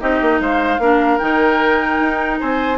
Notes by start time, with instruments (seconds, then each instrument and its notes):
0.00 bassoon C4, clarinet D#4, oboe G4, flute D#5
0.21 bassoon A#3
0.39 bassoon G#3, oboe C5, flute F5
0.78 bassoon A#3, clarinet D4, oboe A#4
1.18 bassoon D#3, clarinet D#4, flute G5
1.99 bassoon D#4
2.40 bassoon C4, oboe C5, flute G#5